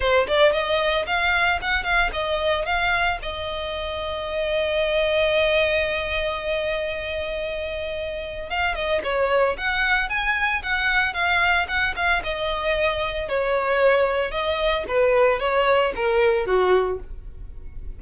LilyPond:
\new Staff \with { instrumentName = "violin" } { \time 4/4 \tempo 4 = 113 c''8 d''8 dis''4 f''4 fis''8 f''8 | dis''4 f''4 dis''2~ | dis''1~ | dis''1 |
f''8 dis''8 cis''4 fis''4 gis''4 | fis''4 f''4 fis''8 f''8 dis''4~ | dis''4 cis''2 dis''4 | b'4 cis''4 ais'4 fis'4 | }